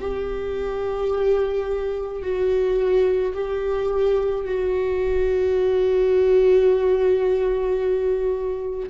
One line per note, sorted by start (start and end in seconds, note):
0.00 2.22 G4
2.22 3.33 F#4
3.34 4.45 G4
4.45 8.89 F#4